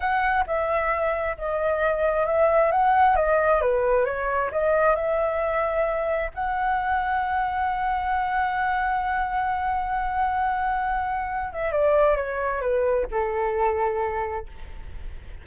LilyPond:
\new Staff \with { instrumentName = "flute" } { \time 4/4 \tempo 4 = 133 fis''4 e''2 dis''4~ | dis''4 e''4 fis''4 dis''4 | b'4 cis''4 dis''4 e''4~ | e''2 fis''2~ |
fis''1~ | fis''1~ | fis''4. e''8 d''4 cis''4 | b'4 a'2. | }